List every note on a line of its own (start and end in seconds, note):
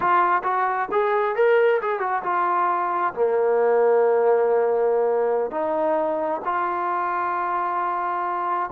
0.00 0.42 F4
0.43 0.88 F#4
0.91 1.35 G#4
1.35 1.80 A#4
1.81 1.99 G#4
1.99 2.22 F#4
2.23 3.13 F4
3.14 5.51 A#3
5.51 6.41 D#4
6.44 8.70 F4